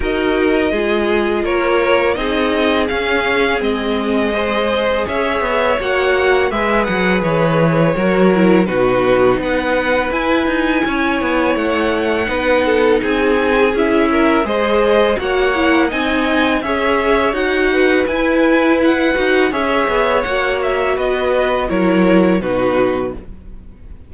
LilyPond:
<<
  \new Staff \with { instrumentName = "violin" } { \time 4/4 \tempo 4 = 83 dis''2 cis''4 dis''4 | f''4 dis''2 e''4 | fis''4 e''8 fis''8 cis''2 | b'4 fis''4 gis''2 |
fis''2 gis''4 e''4 | dis''4 fis''4 gis''4 e''4 | fis''4 gis''4 fis''4 e''4 | fis''8 e''8 dis''4 cis''4 b'4 | }
  \new Staff \with { instrumentName = "violin" } { \time 4/4 ais'4 gis'4 ais'4 gis'4~ | gis'2 c''4 cis''4~ | cis''4 b'2 ais'4 | fis'4 b'2 cis''4~ |
cis''4 b'8 a'8 gis'4. ais'8 | c''4 cis''4 dis''4 cis''4~ | cis''8 b'2~ b'8 cis''4~ | cis''4 b'4 ais'4 fis'4 | }
  \new Staff \with { instrumentName = "viola" } { \time 4/4 fis'4 f'2 dis'4 | cis'4 c'4 gis'2 | fis'4 gis'2 fis'8 e'8 | dis'2 e'2~ |
e'4 dis'2 e'4 | gis'4 fis'8 e'8 dis'4 gis'4 | fis'4 e'4. fis'8 gis'4 | fis'2 e'4 dis'4 | }
  \new Staff \with { instrumentName = "cello" } { \time 4/4 dis'4 gis4 ais4 c'4 | cis'4 gis2 cis'8 b8 | ais4 gis8 fis8 e4 fis4 | b,4 b4 e'8 dis'8 cis'8 b8 |
a4 b4 c'4 cis'4 | gis4 ais4 c'4 cis'4 | dis'4 e'4. dis'8 cis'8 b8 | ais4 b4 fis4 b,4 | }
>>